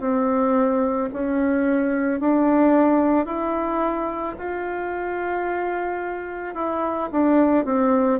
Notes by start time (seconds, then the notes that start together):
0.00 C4
1.13 C#4
2.20 D4
3.25 E4
4.38 F4
6.55 E4
7.12 D4
7.65 C4